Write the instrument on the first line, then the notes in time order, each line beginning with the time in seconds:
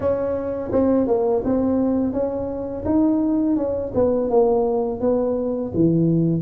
tuba
0.00 C#4
0.71 C4
1.07 A#3
1.44 C4
2.12 C#4
2.85 D#4
3.56 C#4
3.94 B3
4.30 A#3
5.00 B3
5.74 E3